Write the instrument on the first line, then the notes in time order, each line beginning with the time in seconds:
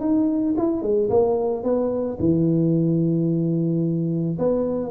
tuba
0.00 D#4
0.57 E4
0.82 G#3
1.09 A#3
1.63 B3
2.19 E3
4.38 B3